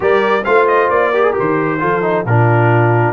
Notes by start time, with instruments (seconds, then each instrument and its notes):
0.00 tuba G3, trombone G4, horn A#4, trumpet D5
0.44 tuba A3, trombone F4, horn C5, trumpet F5
0.67 trumpet D#5
0.89 tuba A#3, trumpet D5
1.11 trombone G4, horn A#4
1.23 trombone G#4
1.33 trombone G4, trumpet C5
1.39 tuba D#3
1.79 tuba F3, trombone F4, horn A4
2.02 trombone D#4
2.25 tuba A#2, trombone D4, horn F4, trumpet A#4